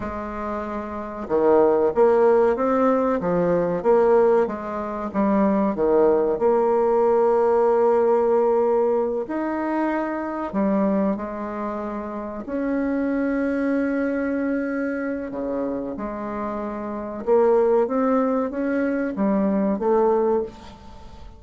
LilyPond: \new Staff \with { instrumentName = "bassoon" } { \time 4/4 \tempo 4 = 94 gis2 dis4 ais4 | c'4 f4 ais4 gis4 | g4 dis4 ais2~ | ais2~ ais8 dis'4.~ |
dis'8 g4 gis2 cis'8~ | cis'1 | cis4 gis2 ais4 | c'4 cis'4 g4 a4 | }